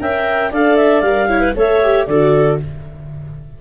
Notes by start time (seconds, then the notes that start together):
0.00 C#4 A#4 E5 G5
0.52 D4 A4 D5 F5
0.77 E5
1.01 G3 A#4 F5
1.29 E4 C#5
1.42 B4
1.56 A3 A4 C#5 E5
1.83 G4
2.06 D3 F#4 A4 D5